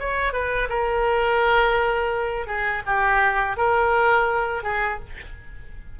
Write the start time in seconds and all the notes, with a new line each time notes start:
0.00 C#5
0.33 B4
0.69 A#4
2.47 G#4
2.86 G4
3.57 A#4
4.64 G#4